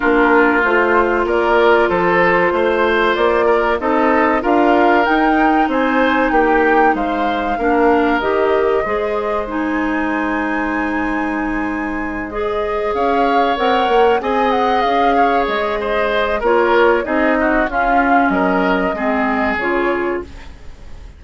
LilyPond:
<<
  \new Staff \with { instrumentName = "flute" } { \time 4/4 \tempo 4 = 95 ais'4 c''4 d''4 c''4~ | c''4 d''4 dis''4 f''4 | g''4 gis''4 g''4 f''4~ | f''4 dis''2 gis''4~ |
gis''2.~ gis''8 dis''8~ | dis''8 f''4 fis''4 gis''8 fis''8 f''8~ | f''8 dis''4. cis''4 dis''4 | f''4 dis''2 cis''4 | }
  \new Staff \with { instrumentName = "oboe" } { \time 4/4 f'2 ais'4 a'4 | c''4. ais'8 a'4 ais'4~ | ais'4 c''4 g'4 c''4 | ais'2 c''2~ |
c''1~ | c''8 cis''2 dis''4. | cis''4 c''4 ais'4 gis'8 fis'8 | f'4 ais'4 gis'2 | }
  \new Staff \with { instrumentName = "clarinet" } { \time 4/4 d'4 f'2.~ | f'2 dis'4 f'4 | dis'1 | d'4 g'4 gis'4 dis'4~ |
dis'2.~ dis'8 gis'8~ | gis'4. ais'4 gis'4.~ | gis'2 f'4 dis'4 | cis'2 c'4 f'4 | }
  \new Staff \with { instrumentName = "bassoon" } { \time 4/4 ais4 a4 ais4 f4 | a4 ais4 c'4 d'4 | dis'4 c'4 ais4 gis4 | ais4 dis4 gis2~ |
gis1~ | gis8 cis'4 c'8 ais8 c'4 cis'8~ | cis'8 gis4. ais4 c'4 | cis'4 fis4 gis4 cis4 | }
>>